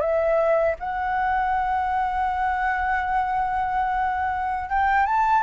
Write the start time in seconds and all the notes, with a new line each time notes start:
0.00 E5
0.79 F#5
4.69 G5
5.06 A5